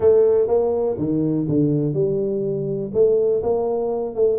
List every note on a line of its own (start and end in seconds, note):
0.00 0.47 A3
0.47 0.96 A#3
0.98 1.46 D#3
1.48 1.93 D3
1.93 2.91 G3
2.93 3.42 A3
3.42 4.15 A#3
4.15 4.39 A3